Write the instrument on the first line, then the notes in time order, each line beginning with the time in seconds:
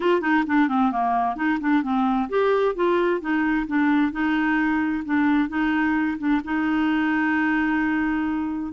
clarinet
0.00 F4
0.21 D#4
0.47 D4
0.68 C4
0.91 A#3
1.35 D#4
1.60 D4
1.83 C4
2.29 G4
2.75 F4
3.20 D#4
3.67 D4
4.11 D#4
5.05 D4
5.48 D#4
6.18 D4
6.44 D#4